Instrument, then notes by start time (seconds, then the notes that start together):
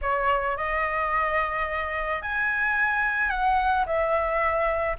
flute
0.02 C#5
0.57 D#5
2.21 G#5
3.29 F#5
3.86 E5